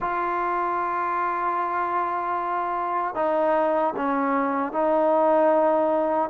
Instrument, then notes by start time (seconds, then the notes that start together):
trombone
0.00 F4
3.14 D#4
3.96 C#4
4.72 D#4